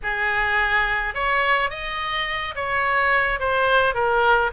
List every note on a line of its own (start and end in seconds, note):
0.03 1.14 G#4
1.14 1.70 C#5
1.70 2.55 D#5
2.55 3.39 C#5
3.39 3.94 C5
3.94 4.51 A#4